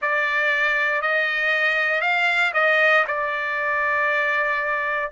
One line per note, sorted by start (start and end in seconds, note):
0.01 1.01 D5
1.01 2.01 D#5
2.01 2.51 F5
2.53 3.04 D#5
3.07 5.10 D5